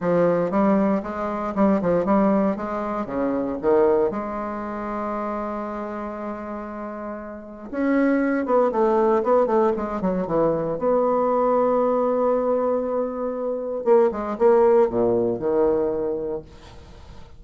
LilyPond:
\new Staff \with { instrumentName = "bassoon" } { \time 4/4 \tempo 4 = 117 f4 g4 gis4 g8 f8 | g4 gis4 cis4 dis4 | gis1~ | gis2. cis'4~ |
cis'8 b8 a4 b8 a8 gis8 fis8 | e4 b2.~ | b2. ais8 gis8 | ais4 ais,4 dis2 | }